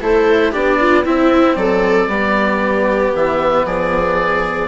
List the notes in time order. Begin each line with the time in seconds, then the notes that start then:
0.00 A3 E4 A4 C5
0.51 B3 D4 G4 D5
0.80 F4
1.04 C4 E4 E5
1.55 F#3 A4 D5
2.07 G3 B3 G4
3.15 E3 E5
3.65 F3 G#4 D5